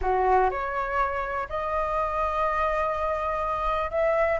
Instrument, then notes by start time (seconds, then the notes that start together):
flute
0.01 F#4
0.50 C#5
1.49 D#5
3.90 E5